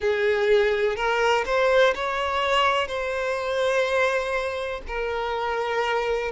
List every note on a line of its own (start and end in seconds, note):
0.00 0.96 G#4
0.96 1.44 A#4
1.45 1.94 C5
1.94 2.87 C#5
2.87 4.81 C5
4.87 6.31 A#4